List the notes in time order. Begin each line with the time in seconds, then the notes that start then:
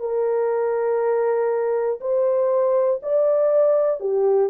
0.00 A#4
2.01 C5
3.03 D5
4.00 G4